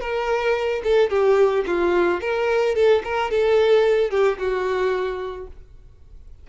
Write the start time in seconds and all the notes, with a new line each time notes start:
0.00 A#4
0.83 A4
1.10 G4
1.66 F4
2.21 A#4
2.75 A4
3.04 A#4
3.30 A4
4.10 G4
4.38 F#4